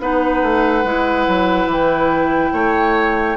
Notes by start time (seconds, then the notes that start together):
0.00 B3 D#4 B4 F#5
0.42 A3
0.84 G#3 E4
1.27 F#3
1.66 E3 G5
2.52 A3 C#5